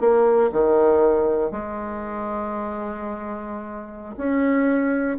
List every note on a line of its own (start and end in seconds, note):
0.00 0.50 A#3
0.52 1.51 D#3
1.51 4.16 G#3
4.17 5.17 C#4